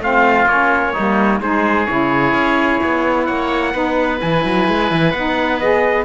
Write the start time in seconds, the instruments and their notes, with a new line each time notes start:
0.00 cello A3, saxophone C4, oboe F4, trumpet F5
0.46 cello A#3, saxophone C#4, trumpet C#5
0.93 saxophone A#3, oboe D#4
0.99 cello G3
1.41 cello G#3, saxophone D#4, oboe G#4, trumpet C5
1.87 cello C#3, saxophone E4, trumpet C#5
2.34 cello C#4
2.84 cello B3
3.26 cello A#3, oboe C#5, trumpet F#5
3.73 cello B3, saxophone D#4, oboe B4
4.20 cello E3, saxophone E4, trumpet G#5
4.45 cello F#3
4.69 cello G#3
4.92 cello E3
5.12 cello B3, saxophone D#4, trumpet F#5
5.60 saxophone G#4, trumpet D#5